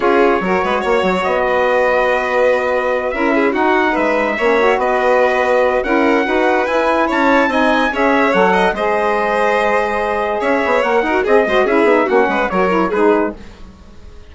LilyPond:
<<
  \new Staff \with { instrumentName = "trumpet" } { \time 4/4 \tempo 4 = 144 cis''2. dis''4~ | dis''2.~ dis''8 e''8~ | e''8 fis''4 e''2 dis''8~ | dis''2 fis''2 |
gis''4 a''4 gis''4 e''4 | fis''4 dis''2.~ | dis''4 e''4 fis''4 dis''4 | e''4 fis''4 cis''4 b'4 | }
  \new Staff \with { instrumentName = "violin" } { \time 4/4 gis'4 ais'8 b'8 cis''4. b'8~ | b'2.~ b'8 ais'8 | gis'8 fis'4 b'4 cis''4 b'8~ | b'2 ais'4 b'4~ |
b'4 cis''4 dis''4 cis''4~ | cis''8 dis''8 c''2.~ | c''4 cis''4. ais'8 gis'8 c''8 | gis'4 fis'8 b'8 ais'4 gis'4 | }
  \new Staff \with { instrumentName = "saxophone" } { \time 4/4 f'4 fis'2.~ | fis'2.~ fis'8 e'8~ | e'8 dis'2 cis'8 fis'4~ | fis'2 e'4 fis'4 |
e'2 dis'4 gis'4 | a'4 gis'2.~ | gis'2 ais'8 fis'8 gis'8 fis'8 | e'8 dis'8 cis'4 fis'8 e'8 dis'4 | }
  \new Staff \with { instrumentName = "bassoon" } { \time 4/4 cis'4 fis8 gis8 ais8 fis8 b4~ | b2.~ b8 cis'8~ | cis'8 dis'4 gis4 ais4 b8~ | b2 cis'4 dis'4 |
e'4 cis'4 c'4 cis'4 | fis4 gis2.~ | gis4 cis'8 b8 ais8 dis'8 c'8 gis8 | cis'8 b8 ais8 gis8 fis4 gis4 | }
>>